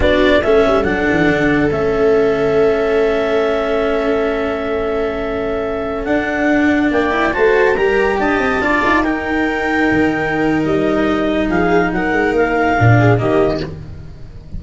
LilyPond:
<<
  \new Staff \with { instrumentName = "clarinet" } { \time 4/4 \tempo 4 = 141 d''4 e''4 fis''2 | e''1~ | e''1~ | e''2~ e''16 fis''4.~ fis''16~ |
fis''16 g''4 a''4 ais''4 a''8.~ | a''4~ a''16 g''2~ g''8.~ | g''4 dis''2 f''4 | fis''4 f''2 dis''4 | }
  \new Staff \with { instrumentName = "viola" } { \time 4/4 fis'4 a'2.~ | a'1~ | a'1~ | a'1~ |
a'16 d''4 c''4 ais'4 dis''8.~ | dis''16 d''4 ais'2~ ais'8.~ | ais'2. gis'4 | ais'2~ ais'8 gis'8 g'4 | }
  \new Staff \with { instrumentName = "cello" } { \time 4/4 d'4 cis'4 d'2 | cis'1~ | cis'1~ | cis'2~ cis'16 d'4.~ d'16~ |
d'8. e'8 fis'4 g'4.~ g'16~ | g'16 f'4 dis'2~ dis'8.~ | dis'1~ | dis'2 d'4 ais4 | }
  \new Staff \with { instrumentName = "tuba" } { \time 4/4 b4 a8 g8 fis8 e8 d4 | a1~ | a1~ | a2~ a16 d'4.~ d'16~ |
d'16 ais4 a4 g4 d'8 c'16~ | c'16 d'8 dis'2~ dis'8 dis8.~ | dis4 g2 f4 | fis8 gis8 ais4 ais,4 dis4 | }
>>